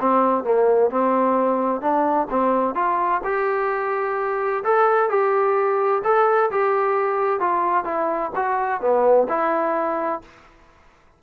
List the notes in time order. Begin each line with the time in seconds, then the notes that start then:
0.00 C4
0.44 A#3
0.90 C4
1.81 D4
2.30 C4
2.75 F4
3.24 G4
4.64 A4
5.10 G4
6.04 A4
6.51 G4
7.40 F4
7.85 E4
8.35 F#4
8.81 B3
9.29 E4